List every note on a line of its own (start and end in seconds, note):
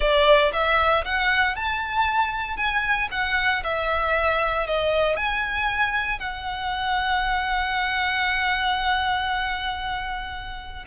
0.00 0.52 D5
0.52 1.04 E5
1.04 1.55 F#5
1.55 2.56 A5
2.56 3.08 G#5
3.11 3.63 F#5
3.63 4.66 E5
4.66 5.16 D#5
5.16 6.19 G#5
6.19 10.84 F#5